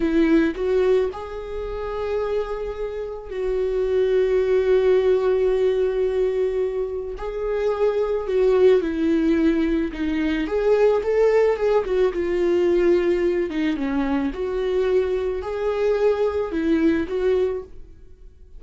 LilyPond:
\new Staff \with { instrumentName = "viola" } { \time 4/4 \tempo 4 = 109 e'4 fis'4 gis'2~ | gis'2 fis'2~ | fis'1~ | fis'4 gis'2 fis'4 |
e'2 dis'4 gis'4 | a'4 gis'8 fis'8 f'2~ | f'8 dis'8 cis'4 fis'2 | gis'2 e'4 fis'4 | }